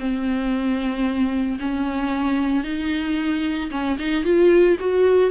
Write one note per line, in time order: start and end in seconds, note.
0.00 1.59 C4
1.60 2.64 C#4
2.64 3.70 D#4
3.71 3.98 C#4
4.00 4.25 D#4
4.25 4.78 F4
4.80 5.31 F#4